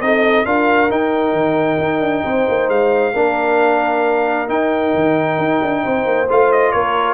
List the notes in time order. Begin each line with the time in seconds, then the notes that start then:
0.00 C4 D#4 A4 D#5
0.45 D4 F4 A#4 F5
0.90 D#4 G5
1.32 D#3
1.78 D#4
2.00 D4
2.25 C4 C5
2.48 A#3
2.68 G#3 F5
3.13 A#3 D4 A#4
4.47 D#4 G5
4.94 D#3
5.38 D#4
5.62 D4
5.83 C4 C5
6.05 A#3
6.29 A3 F4 F5
6.52 D#5
6.72 A#3 A#4 C#5